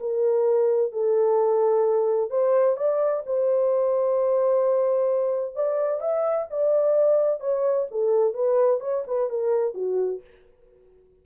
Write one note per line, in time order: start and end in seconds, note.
0.00 0.93 A#4
0.93 2.31 A4
2.31 2.77 C5
2.77 3.23 D5
3.27 5.56 C5
5.56 6.01 D5
6.01 6.48 E5
6.51 7.41 D5
7.41 7.87 C#5
7.91 8.34 A4
8.34 8.81 B4
8.81 9.04 C#5
9.07 9.30 B4
9.30 9.75 A#4
9.75 10.21 F#4